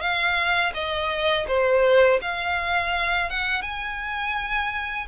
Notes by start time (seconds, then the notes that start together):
0.00 F5
0.74 D#5
1.47 C5
2.21 F5
3.29 F#5
3.62 G#5